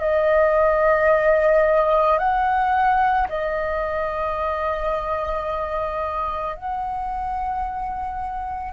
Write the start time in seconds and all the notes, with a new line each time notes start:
0.00 D#5
2.19 F#5
3.29 D#5
6.56 F#5